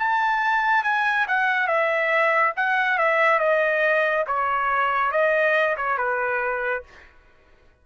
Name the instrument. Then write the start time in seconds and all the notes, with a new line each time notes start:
trumpet
0.00 A5
0.84 G#5
1.28 F#5
1.68 E5
2.57 F#5
2.98 E5
3.40 D#5
4.27 C#5
5.12 D#5
5.77 C#5
5.98 B4